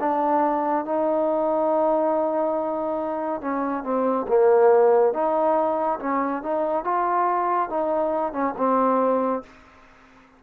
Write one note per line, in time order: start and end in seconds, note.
0.00 0.85 D4
0.85 3.41 D#4
3.41 3.84 C#4
3.84 4.27 C4
4.28 5.14 A#3
5.14 5.99 D#4
6.00 6.42 C#4
6.43 6.85 D#4
6.85 7.70 F4
7.70 8.33 D#4
8.33 8.54 C#4
8.58 9.43 C4